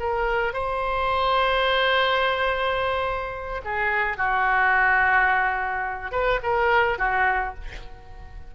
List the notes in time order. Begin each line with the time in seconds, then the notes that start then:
0.00 A#4
0.54 C5
3.65 G#4
4.18 F#4
6.12 B4
6.43 A#4
6.99 F#4